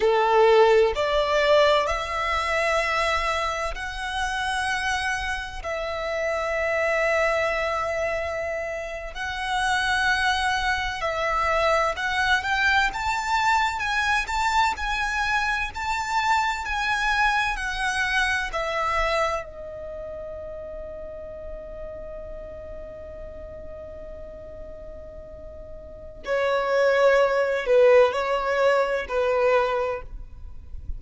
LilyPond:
\new Staff \with { instrumentName = "violin" } { \time 4/4 \tempo 4 = 64 a'4 d''4 e''2 | fis''2 e''2~ | e''4.~ e''16 fis''2 e''16~ | e''8. fis''8 g''8 a''4 gis''8 a''8 gis''16~ |
gis''8. a''4 gis''4 fis''4 e''16~ | e''8. dis''2.~ dis''16~ | dis''1 | cis''4. b'8 cis''4 b'4 | }